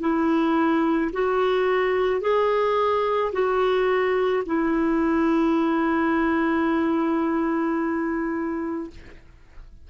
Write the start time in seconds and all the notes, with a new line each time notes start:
0.00 E4
1.13 F#4
2.21 G#4
3.32 F#4
4.46 E4